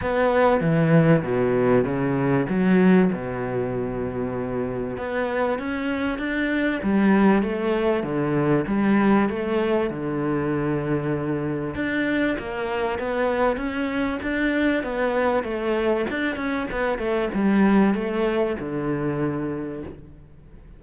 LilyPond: \new Staff \with { instrumentName = "cello" } { \time 4/4 \tempo 4 = 97 b4 e4 b,4 cis4 | fis4 b,2. | b4 cis'4 d'4 g4 | a4 d4 g4 a4 |
d2. d'4 | ais4 b4 cis'4 d'4 | b4 a4 d'8 cis'8 b8 a8 | g4 a4 d2 | }